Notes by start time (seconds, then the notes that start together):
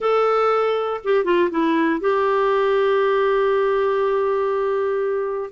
0.00 A4
1.04 G4
1.24 F4
1.50 E4
2.00 G4